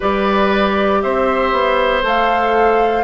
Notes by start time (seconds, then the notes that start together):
0.00 G3 G4 B4 D5
1.02 C4 C5 E5
1.52 B3
2.03 A3 A4 F5